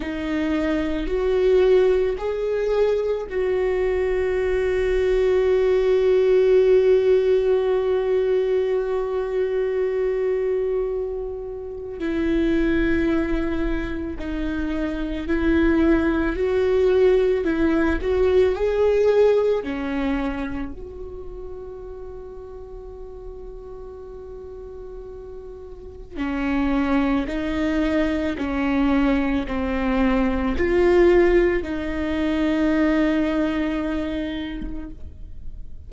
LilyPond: \new Staff \with { instrumentName = "viola" } { \time 4/4 \tempo 4 = 55 dis'4 fis'4 gis'4 fis'4~ | fis'1~ | fis'2. e'4~ | e'4 dis'4 e'4 fis'4 |
e'8 fis'8 gis'4 cis'4 fis'4~ | fis'1 | cis'4 dis'4 cis'4 c'4 | f'4 dis'2. | }